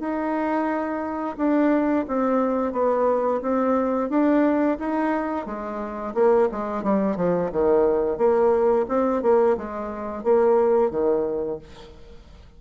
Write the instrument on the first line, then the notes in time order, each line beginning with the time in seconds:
bassoon
0.00 D#4
1.38 D4
2.08 C4
2.73 B3
3.42 C4
4.10 D4
4.80 D#4
5.46 G#3
6.15 A#3
6.52 G#3
6.83 G3
7.17 F3
7.52 D#3
8.18 A#3
8.89 C4
9.23 A#3
9.58 G#3
10.24 A#3
10.91 D#3